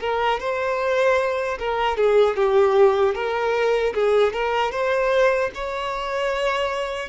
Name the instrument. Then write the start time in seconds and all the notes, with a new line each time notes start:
violin
0.00 A#4
0.39 C5
1.59 A#4
1.97 G#4
2.36 G4
3.14 A#4
3.94 G#4
4.33 A#4
4.71 C5
5.54 C#5